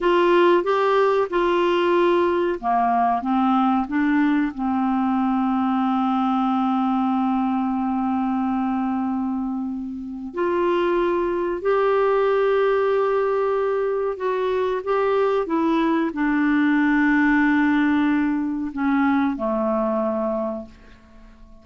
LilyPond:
\new Staff \with { instrumentName = "clarinet" } { \time 4/4 \tempo 4 = 93 f'4 g'4 f'2 | ais4 c'4 d'4 c'4~ | c'1~ | c'1 |
f'2 g'2~ | g'2 fis'4 g'4 | e'4 d'2.~ | d'4 cis'4 a2 | }